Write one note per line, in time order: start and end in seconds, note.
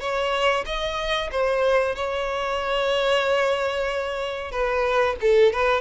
0.00 0.65 C#5
0.66 1.30 D#5
1.31 1.95 C5
1.95 4.51 C#5
4.51 5.16 B4
5.21 5.52 A4
5.52 5.81 B4